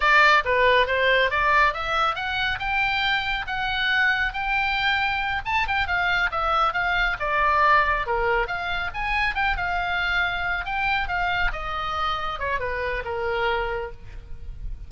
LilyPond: \new Staff \with { instrumentName = "oboe" } { \time 4/4 \tempo 4 = 138 d''4 b'4 c''4 d''4 | e''4 fis''4 g''2 | fis''2 g''2~ | g''8 a''8 g''8 f''4 e''4 f''8~ |
f''8 d''2 ais'4 f''8~ | f''8 gis''4 g''8 f''2~ | f''8 g''4 f''4 dis''4.~ | dis''8 cis''8 b'4 ais'2 | }